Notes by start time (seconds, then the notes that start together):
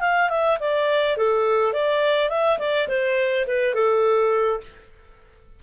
0.00 F5
0.29 E5
0.60 D5
1.17 A4
1.73 D5
2.29 E5
2.59 D5
2.88 C5
3.47 B4
3.74 A4